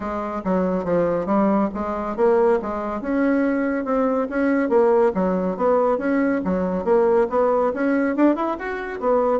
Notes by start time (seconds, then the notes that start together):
0.00 G#3
0.44 F#3
0.84 F3
1.25 G3
1.74 G#3
2.16 A#3
2.61 G#3
3.01 C#4
3.84 C4
4.29 C#4
4.69 A#3
5.14 F#3
5.56 B3
5.98 C#4
6.44 F#3
6.84 A#3
7.29 B3
7.73 C#4
8.15 D4
8.35 E4
8.58 F#4
9.00 B3